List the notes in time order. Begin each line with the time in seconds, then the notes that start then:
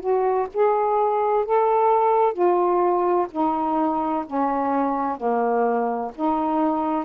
0.00 F#4
0.54 G#4
1.45 A4
2.33 F4
3.31 D#4
4.27 C#4
5.17 A#3
6.15 D#4